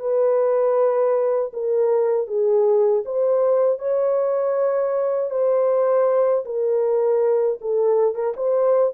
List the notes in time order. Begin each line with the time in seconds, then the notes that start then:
0.00 B4
1.53 A#4
2.28 G#4
3.06 C5
3.79 C#5
5.31 C5
6.46 A#4
7.62 A4
8.15 A#4
8.37 C5